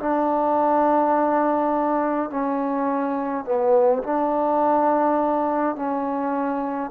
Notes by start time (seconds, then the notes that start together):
0.00 D4
2.31 C#4
3.46 B3
4.04 D4
5.76 C#4